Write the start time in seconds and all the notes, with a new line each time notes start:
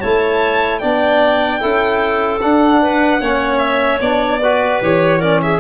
0.00 A3 E4 C#5 A5
0.79 B3 D4 D5 G5
1.60 C#4 E4 A4
2.41 D4 F#5
2.82 B4
3.21 A#3 C#4 C#5
3.59 E5
4.00 B3 D4 D5
4.42 F#4 B4
4.82 E3 G4 C#5
5.19 C#4 A#4 D5
5.42 G#4 E5